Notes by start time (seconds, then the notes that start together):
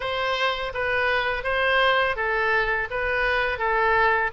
0.00 C5
0.74 B4
1.43 C5
2.16 A4
2.90 B4
3.58 A4